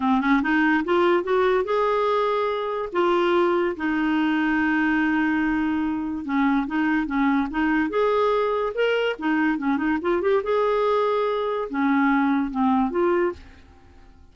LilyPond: \new Staff \with { instrumentName = "clarinet" } { \time 4/4 \tempo 4 = 144 c'8 cis'8 dis'4 f'4 fis'4 | gis'2. f'4~ | f'4 dis'2.~ | dis'2. cis'4 |
dis'4 cis'4 dis'4 gis'4~ | gis'4 ais'4 dis'4 cis'8 dis'8 | f'8 g'8 gis'2. | cis'2 c'4 f'4 | }